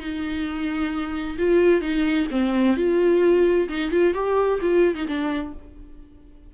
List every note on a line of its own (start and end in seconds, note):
0.00 1.37 D#4
1.38 1.82 F4
1.82 2.27 D#4
2.31 2.77 C4
2.77 3.68 F4
3.69 3.91 D#4
3.91 4.14 F4
4.14 4.60 G4
4.62 4.95 F4
4.95 5.07 D#4
5.08 5.53 D4